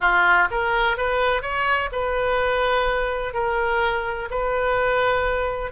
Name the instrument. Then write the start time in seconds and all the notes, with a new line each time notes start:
oboe
0.00 F4
0.50 A#4
0.97 B4
1.42 C#5
1.92 B4
3.33 A#4
4.30 B4